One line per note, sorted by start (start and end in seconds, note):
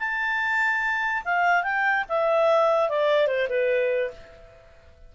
0.00 1.23 A5
1.25 1.63 F5
1.63 2.05 G5
2.09 2.89 E5
2.89 3.27 D5
3.27 3.48 C5
3.50 4.11 B4